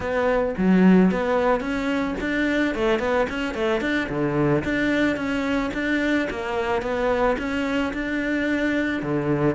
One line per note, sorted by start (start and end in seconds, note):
0.00 0.54 B3
0.57 1.11 F#3
1.11 1.60 B3
1.60 2.14 C#4
2.20 2.74 D4
2.74 2.99 A3
2.99 3.26 B3
3.29 3.54 C#4
3.54 3.81 A3
3.81 4.08 D4
4.09 4.63 D3
4.64 5.16 D4
5.16 5.70 C#4
5.73 6.28 D4
6.30 6.82 A#3
6.82 7.36 B3
7.38 7.92 C#4
7.93 9.02 D4
9.02 9.55 D3